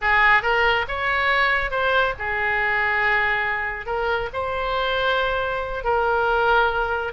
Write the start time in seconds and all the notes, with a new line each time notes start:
0.01 G#4
0.42 A#4
0.88 C#5
1.71 C5
2.19 G#4
3.86 A#4
4.33 C5
5.84 A#4